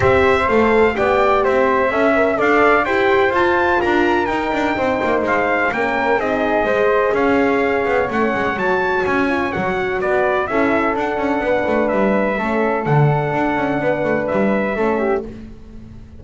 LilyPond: <<
  \new Staff \with { instrumentName = "trumpet" } { \time 4/4 \tempo 4 = 126 e''4 f''4 g''4 e''4~ | e''4 f''4 g''4 a''4 | ais''4 g''2 f''4 | g''4 dis''2 f''4~ |
f''4 fis''4 a''4 gis''4 | fis''4 d''4 e''4 fis''4~ | fis''4 e''2 fis''4~ | fis''2 e''2 | }
  \new Staff \with { instrumentName = "flute" } { \time 4/4 c''2 d''4 c''4 | e''4 d''4 c''2 | ais'2 c''2 | ais'4 gis'4 c''4 cis''4~ |
cis''1~ | cis''4 b'4 a'2 | b'2 a'2~ | a'4 b'2 a'8 g'8 | }
  \new Staff \with { instrumentName = "horn" } { \time 4/4 g'4 a'4 g'2 | a'8 ais'8 a'4 g'4 f'4~ | f'4 dis'2. | cis'4 dis'4 gis'2~ |
gis'4 cis'4 fis'4. f'8 | fis'2 e'4 d'4~ | d'2 cis'4 d'4~ | d'2. cis'4 | }
  \new Staff \with { instrumentName = "double bass" } { \time 4/4 c'4 a4 b4 c'4 | cis'4 d'4 e'4 f'4 | d'4 dis'8 d'8 c'8 ais8 gis4 | ais4 c'4 gis4 cis'4~ |
cis'8 b8 a8 gis8 fis4 cis'4 | fis4 b4 cis'4 d'8 cis'8 | b8 a8 g4 a4 d4 | d'8 cis'8 b8 a8 g4 a4 | }
>>